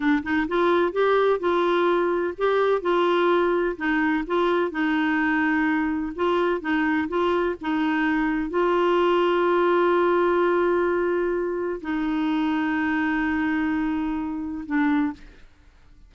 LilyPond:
\new Staff \with { instrumentName = "clarinet" } { \time 4/4 \tempo 4 = 127 d'8 dis'8 f'4 g'4 f'4~ | f'4 g'4 f'2 | dis'4 f'4 dis'2~ | dis'4 f'4 dis'4 f'4 |
dis'2 f'2~ | f'1~ | f'4 dis'2.~ | dis'2. d'4 | }